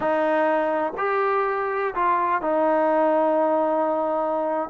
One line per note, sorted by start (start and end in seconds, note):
0.00 0.93 D#4
0.97 1.94 G4
1.94 2.41 F4
2.41 4.69 D#4